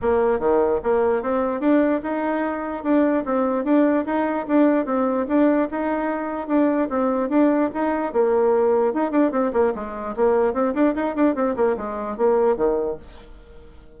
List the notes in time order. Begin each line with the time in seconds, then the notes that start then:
0.01 A#3
0.39 D#3
0.83 A#3
1.22 C4
1.60 D4
2.02 D#4
2.83 D4
3.25 C4
3.64 D4
4.05 D#4
4.47 D4
4.85 C4
5.27 D4
5.70 D#4
6.47 D4
6.89 C4
7.29 D4
7.74 D#4
8.12 A#3
8.93 D#4
9.11 D4
9.31 C4
9.52 A#3
9.74 G#3
10.16 A#3
10.53 C4
10.74 D4
10.95 D#4
11.15 D4
11.35 C4
11.56 A#3
11.76 G#3
12.17 A#3
12.56 D#3